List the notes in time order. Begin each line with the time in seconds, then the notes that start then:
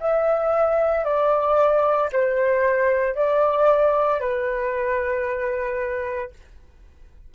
0.00 E5
1.04 D5
2.12 C5
3.15 D5
4.20 B4